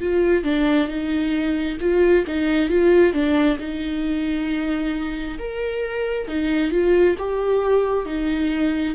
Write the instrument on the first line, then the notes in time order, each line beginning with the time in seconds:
viola
0.00 F4
0.44 D4
0.88 D#4
1.80 F4
2.27 D#4
2.69 F4
3.13 D4
3.59 D#4
5.38 A#4
6.28 D#4
6.71 F4
7.18 G4
8.06 D#4